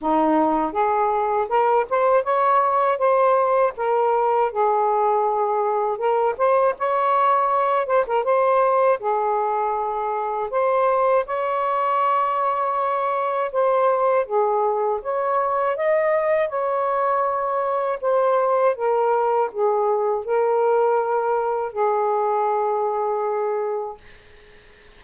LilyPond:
\new Staff \with { instrumentName = "saxophone" } { \time 4/4 \tempo 4 = 80 dis'4 gis'4 ais'8 c''8 cis''4 | c''4 ais'4 gis'2 | ais'8 c''8 cis''4. c''16 ais'16 c''4 | gis'2 c''4 cis''4~ |
cis''2 c''4 gis'4 | cis''4 dis''4 cis''2 | c''4 ais'4 gis'4 ais'4~ | ais'4 gis'2. | }